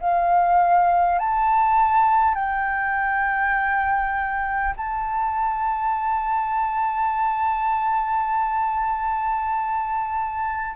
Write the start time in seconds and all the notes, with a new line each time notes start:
0.00 F5
1.19 A5
2.35 G5
4.77 A5